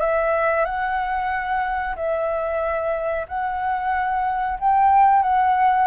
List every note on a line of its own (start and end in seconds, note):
0.00 0.65 E5
0.65 1.95 F#5
1.96 3.26 E5
3.28 4.59 F#5
4.59 5.23 G5
5.23 5.87 F#5